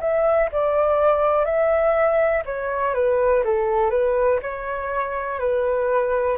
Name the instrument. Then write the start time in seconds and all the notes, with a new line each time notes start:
flute
0.00 E5
0.51 D5
1.45 E5
2.45 C#5
2.94 B4
3.44 A4
3.90 B4
4.42 C#5
5.39 B4